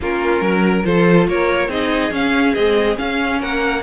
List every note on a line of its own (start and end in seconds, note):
0.01 0.41 A#3
0.01 0.84 C#4
0.01 0.43 F4
0.01 0.84 A#4
0.41 0.83 F#3
0.41 0.85 A#4
0.84 1.27 F3
0.84 1.69 F4
0.84 1.28 A4
0.84 1.26 C5
1.27 1.68 A#3
1.27 1.69 A#4
1.27 1.70 C#5
1.68 2.10 C4
1.68 2.11 D#4
1.68 3.39 G#4
1.68 2.13 D#5
2.11 2.53 C#4
2.11 2.55 C#4
2.11 2.54 F5
2.54 2.96 G#3
2.54 2.98 C4
2.54 2.96 D#5
2.96 3.81 C#4
2.96 3.42 C#4
2.96 3.41 F5
3.39 3.82 A#3
3.39 3.82 A#4
3.39 3.82 F#5